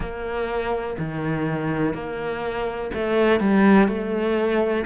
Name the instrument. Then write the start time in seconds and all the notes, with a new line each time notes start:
cello
0.00 A#3
0.98 D#3
1.94 A#3
2.93 A3
3.40 G3
3.88 A3